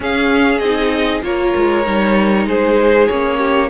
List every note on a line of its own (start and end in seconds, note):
0.00 0.60 C#4
0.00 0.61 C#4
0.00 1.24 G#4
0.00 0.58 F5
0.58 1.22 C4
0.58 1.22 D#4
0.58 1.20 D#5
1.22 1.53 A#3
1.22 1.84 F4
1.22 2.48 A#4
1.22 2.47 C#5
1.56 1.86 G#3
1.85 2.46 G3
1.85 3.09 D#4
2.46 3.08 G#3
2.46 3.38 G#4
2.46 3.08 C5
3.08 3.69 A#3
3.08 3.69 C#4
3.08 3.69 C#5
3.38 3.69 G4